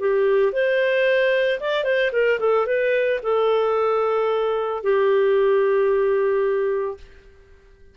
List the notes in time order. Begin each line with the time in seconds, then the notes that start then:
0.00 G4
0.53 C5
1.60 D5
1.85 C5
2.13 A#4
2.40 A4
2.67 B4
3.23 A4
4.84 G4